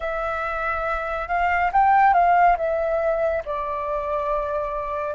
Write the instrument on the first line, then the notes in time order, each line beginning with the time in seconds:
flute
0.00 E5
1.28 F5
1.72 G5
2.13 F5
2.57 E5
3.45 D5